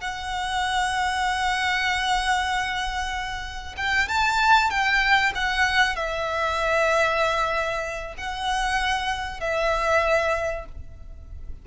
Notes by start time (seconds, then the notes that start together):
0.00 F#5
3.77 G5
4.08 A5
4.70 G5
5.34 F#5
5.96 E5
8.17 F#5
9.40 E5